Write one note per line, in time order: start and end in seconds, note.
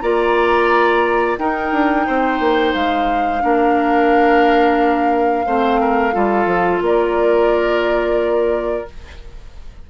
0.00 1.38 A#3
0.00 1.38 F4
0.00 1.39 D5
0.00 1.36 A#5
1.38 1.72 D#4
1.38 3.40 D#4
1.38 2.06 A#4
1.38 2.73 G5
1.72 2.06 D4
2.06 2.39 C4
2.06 3.42 C5
2.39 2.73 A#3
2.73 3.43 G#3
2.73 6.82 F5
3.40 5.46 A#3
3.40 5.45 D4
3.40 5.46 A#4
5.45 6.14 A3
5.45 6.12 C4
5.45 5.80 C5
5.80 6.14 A#4
6.12 6.45 G3
6.12 8.85 F4
6.12 6.82 A4
6.45 6.79 F3
6.81 8.85 A#3
6.81 8.90 A#4
6.81 8.89 D5